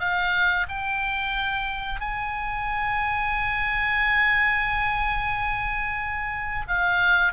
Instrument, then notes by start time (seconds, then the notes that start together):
oboe
0.00 F5
0.69 G5
2.00 G#5
6.68 F5